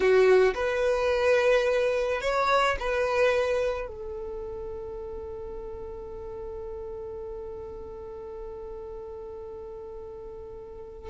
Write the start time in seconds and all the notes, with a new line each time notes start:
0.00 F#4
0.54 B4
2.21 C#5
2.79 B4
3.87 A4